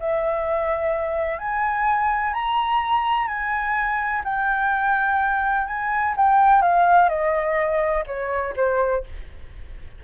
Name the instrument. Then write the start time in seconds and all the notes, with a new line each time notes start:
flute
0.00 E5
1.39 G#5
2.33 A#5
3.27 G#5
4.24 G5
5.67 G#5
6.17 G5
6.62 F5
7.09 D#5
8.07 C#5
8.56 C5